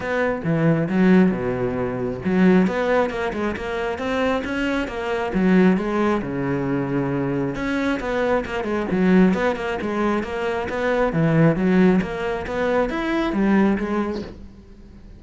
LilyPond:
\new Staff \with { instrumentName = "cello" } { \time 4/4 \tempo 4 = 135 b4 e4 fis4 b,4~ | b,4 fis4 b4 ais8 gis8 | ais4 c'4 cis'4 ais4 | fis4 gis4 cis2~ |
cis4 cis'4 b4 ais8 gis8 | fis4 b8 ais8 gis4 ais4 | b4 e4 fis4 ais4 | b4 e'4 g4 gis4 | }